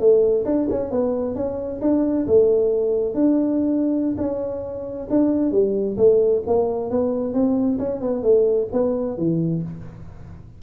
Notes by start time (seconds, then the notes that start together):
0.00 A3
0.46 D4
0.71 C#4
0.91 B3
1.36 C#4
1.82 D4
2.27 A3
3.15 D4
4.18 C#4
5.11 D4
5.52 G3
5.98 A3
6.47 A#3
6.91 B3
7.34 C4
7.79 C#4
8.01 B3
8.23 A3
8.73 B3
9.18 E3